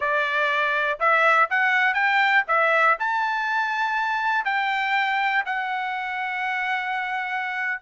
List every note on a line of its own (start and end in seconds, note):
0.00 0.99 D5
0.99 1.49 E5
1.50 1.94 F#5
1.94 2.43 G5
2.47 2.97 E5
2.99 4.44 A5
4.44 5.43 G5
5.45 7.81 F#5